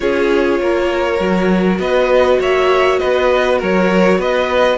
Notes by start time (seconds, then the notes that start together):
0.00 C#4 F4 G#4 C#5
0.59 A#3 A#4
1.18 F#3 F#4
1.79 B3 B4 D#5
2.39 A#3 C#5 E5
2.98 B3 B4 D#5
3.58 F#3 A#4 C#5
4.18 B3 B4 D#5